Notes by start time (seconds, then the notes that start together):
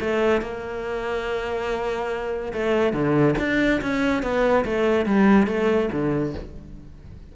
0.00 A3
0.41 A#3
2.53 A3
2.93 D3
3.39 D4
3.81 C#4
4.22 B3
4.65 A3
5.06 G3
5.47 A3
5.92 D3